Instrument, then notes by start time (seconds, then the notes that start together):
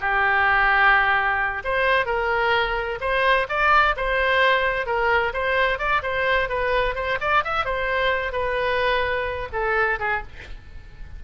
oboe
0.00 G4
1.64 C5
2.06 A#4
3.00 C5
3.49 D5
3.96 C5
4.86 A#4
5.33 C5
5.78 D5
6.03 C5
6.49 B4
6.95 C5
7.21 D5
7.44 E5
7.65 C5
8.32 B4
9.52 A4
9.99 G#4